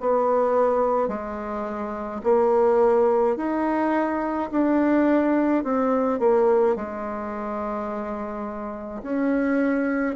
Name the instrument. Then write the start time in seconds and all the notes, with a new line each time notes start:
bassoon
0.00 B3
1.08 G#3
2.23 A#3
3.37 D#4
4.51 D4
5.63 C4
6.20 A#3
6.76 G#3
9.03 C#4